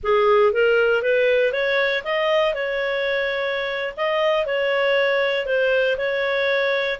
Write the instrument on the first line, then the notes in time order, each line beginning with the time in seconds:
clarinet
0.03 G#4
0.52 A#4
1.02 B4
1.52 C#5
2.04 D#5
2.54 C#5
3.96 D#5
4.45 C#5
5.45 C5
5.97 C#5